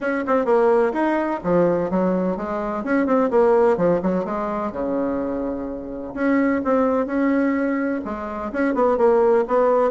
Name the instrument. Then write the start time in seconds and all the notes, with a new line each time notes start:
bassoon
0.00 C#4
0.26 C4
0.45 A#3
0.92 D#4
1.43 F3
1.90 F#3
2.36 G#3
2.84 C#4
3.06 C4
3.30 A#3
3.77 F3
4.02 F#3
4.24 G#3
4.72 C#3
6.14 C#4
6.64 C4
7.06 C#4
8.04 G#3
8.52 C#4
8.74 B3
8.97 A#3
9.47 B3